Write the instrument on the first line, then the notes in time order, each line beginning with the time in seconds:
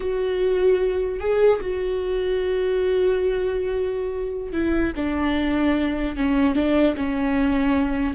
viola
0.00 F#4
1.19 G#4
1.61 F#4
4.52 E4
4.95 D4
6.16 C#4
6.55 D4
6.96 C#4